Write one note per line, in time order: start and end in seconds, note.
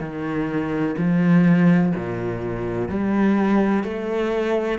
0.00 0.95 D#3
0.98 1.93 F3
1.96 2.89 A#2
2.89 3.84 G3
3.84 4.79 A3